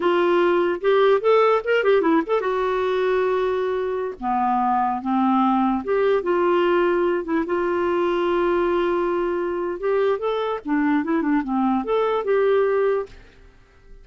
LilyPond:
\new Staff \with { instrumentName = "clarinet" } { \time 4/4 \tempo 4 = 147 f'2 g'4 a'4 | ais'8 g'8 e'8 a'8 fis'2~ | fis'2~ fis'16 b4.~ b16~ | b16 c'2 g'4 f'8.~ |
f'4.~ f'16 e'8 f'4.~ f'16~ | f'1 | g'4 a'4 d'4 e'8 d'8 | c'4 a'4 g'2 | }